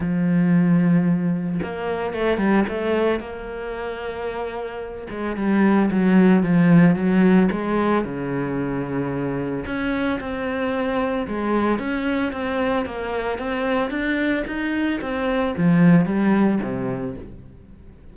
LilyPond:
\new Staff \with { instrumentName = "cello" } { \time 4/4 \tempo 4 = 112 f2. ais4 | a8 g8 a4 ais2~ | ais4. gis8 g4 fis4 | f4 fis4 gis4 cis4~ |
cis2 cis'4 c'4~ | c'4 gis4 cis'4 c'4 | ais4 c'4 d'4 dis'4 | c'4 f4 g4 c4 | }